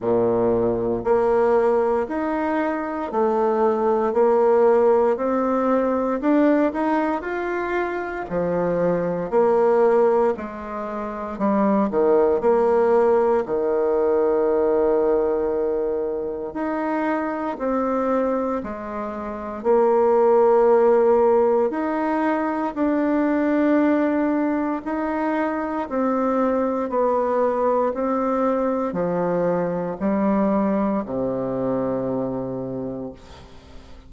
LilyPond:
\new Staff \with { instrumentName = "bassoon" } { \time 4/4 \tempo 4 = 58 ais,4 ais4 dis'4 a4 | ais4 c'4 d'8 dis'8 f'4 | f4 ais4 gis4 g8 dis8 | ais4 dis2. |
dis'4 c'4 gis4 ais4~ | ais4 dis'4 d'2 | dis'4 c'4 b4 c'4 | f4 g4 c2 | }